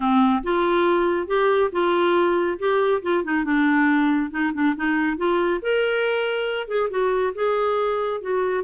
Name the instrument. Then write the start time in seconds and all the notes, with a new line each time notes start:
clarinet
0.00 C4
0.43 F4
1.27 G4
1.72 F4
2.58 G4
3.02 F4
3.24 D#4
3.44 D4
4.30 D#4
4.53 D4
4.76 D#4
5.17 F4
5.62 A#4
6.67 G#4
6.89 F#4
7.35 G#4
8.21 F#4